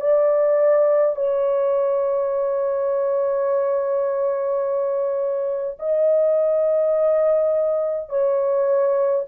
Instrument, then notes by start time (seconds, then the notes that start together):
horn
0.00 D5
1.15 C#5
5.79 D#5
8.09 C#5